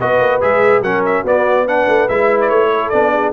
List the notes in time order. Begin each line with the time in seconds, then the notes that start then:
0.00 B3 F#4 B4 D#5
0.20 A#3
0.41 G#3 G#4 E5
0.82 F#3 C#4 A#4 F#5
1.05 E5
1.23 B3 F#4 D5
1.66 D4 B4 F#5
1.87 A3
2.09 G#3 E4 E5
2.41 D5
2.49 A3 C#5
2.71 A4
2.89 B3 D4 D5
3.13 G#4